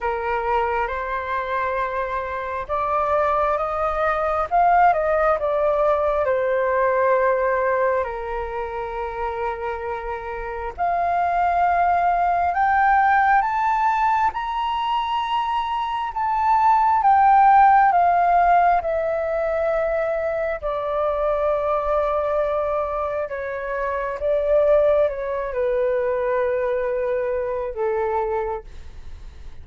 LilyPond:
\new Staff \with { instrumentName = "flute" } { \time 4/4 \tempo 4 = 67 ais'4 c''2 d''4 | dis''4 f''8 dis''8 d''4 c''4~ | c''4 ais'2. | f''2 g''4 a''4 |
ais''2 a''4 g''4 | f''4 e''2 d''4~ | d''2 cis''4 d''4 | cis''8 b'2~ b'8 a'4 | }